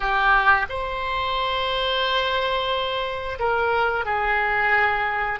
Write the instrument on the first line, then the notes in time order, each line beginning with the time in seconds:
oboe
0.00 G4
0.69 C5
3.39 A#4
4.04 G#4